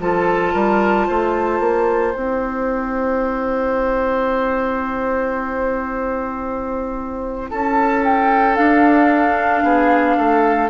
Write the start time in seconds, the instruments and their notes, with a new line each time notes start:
0.00 bassoon F3, clarinet F4, oboe A4, flute A5
0.54 bassoon G3, oboe A#4
1.07 bassoon A3, oboe C5
1.60 bassoon A#3
2.14 bassoon C4, clarinet E4, flute G5
7.50 bassoon C#4, oboe A4, flute A5
8.04 flute G5
8.56 clarinet D4, bassoon D4, flute F5
9.63 bassoon B3, oboe G#4
10.17 bassoon A3, oboe A4